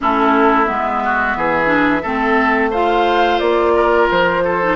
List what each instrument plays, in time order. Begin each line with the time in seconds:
0.00 bassoon A3, clarinet C#4, oboe E4, flute A4
0.65 bassoon G#3, clarinet B3, flute E5
1.04 oboe F#4
1.36 bassoon E3, oboe G#4
1.66 clarinet D4
2.02 bassoon A3, clarinet C4, oboe A4
2.70 clarinet F4, oboe C5, flute F5
3.39 bassoon A#3, flute D5
3.75 oboe A#4
4.10 bassoon F3, flute C5
4.44 oboe A4
4.62 clarinet D#4